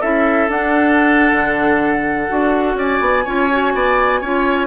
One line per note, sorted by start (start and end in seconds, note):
0.00 0.48 C#4
0.00 0.50 E4
0.00 2.76 A4
0.00 0.49 E5
0.48 1.32 D4
0.48 2.28 D4
0.48 2.79 F#5
1.32 2.28 D3
2.28 2.74 D4
2.28 3.24 F#4
2.74 2.98 C#4
2.74 3.24 D5
2.74 4.67 G#5
3.01 3.25 B3
3.24 3.74 C#4
3.24 3.50 F4
3.24 3.72 C#5
3.51 4.23 F#4
3.74 4.21 B3
3.74 4.21 D5
4.21 4.67 C#4
4.21 4.67 F4
4.21 4.67 C#5